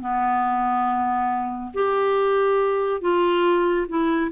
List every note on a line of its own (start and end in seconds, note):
0.00 1.71 B3
1.74 3.01 G4
3.01 3.87 F4
3.88 4.31 E4